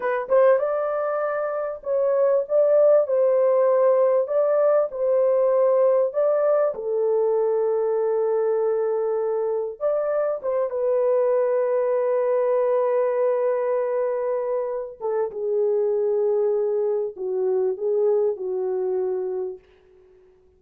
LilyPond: \new Staff \with { instrumentName = "horn" } { \time 4/4 \tempo 4 = 98 b'8 c''8 d''2 cis''4 | d''4 c''2 d''4 | c''2 d''4 a'4~ | a'1 |
d''4 c''8 b'2~ b'8~ | b'1~ | b'8 a'8 gis'2. | fis'4 gis'4 fis'2 | }